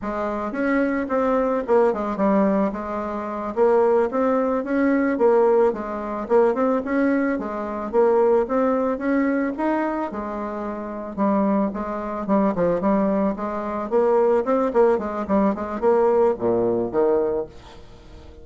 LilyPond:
\new Staff \with { instrumentName = "bassoon" } { \time 4/4 \tempo 4 = 110 gis4 cis'4 c'4 ais8 gis8 | g4 gis4. ais4 c'8~ | c'8 cis'4 ais4 gis4 ais8 | c'8 cis'4 gis4 ais4 c'8~ |
c'8 cis'4 dis'4 gis4.~ | gis8 g4 gis4 g8 f8 g8~ | g8 gis4 ais4 c'8 ais8 gis8 | g8 gis8 ais4 ais,4 dis4 | }